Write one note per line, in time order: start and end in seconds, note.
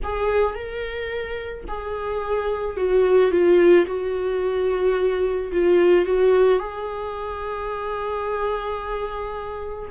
0.03 0.54 G#4
0.54 1.64 A#4
1.68 2.76 G#4
2.76 3.31 F#4
3.31 3.86 F4
3.86 5.51 F#4
5.52 6.06 F4
6.06 6.59 F#4
6.59 9.89 G#4